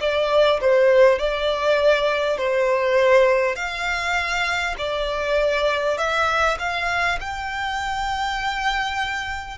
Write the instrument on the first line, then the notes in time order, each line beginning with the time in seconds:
violin
0.00 D5
0.61 C5
1.18 D5
2.37 C5
3.55 F5
4.78 D5
5.98 E5
6.59 F5
7.21 G5